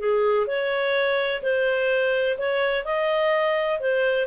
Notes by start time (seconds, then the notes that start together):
0.00 G#4
0.47 C#5
1.43 C5
2.39 C#5
2.85 D#5
3.81 C5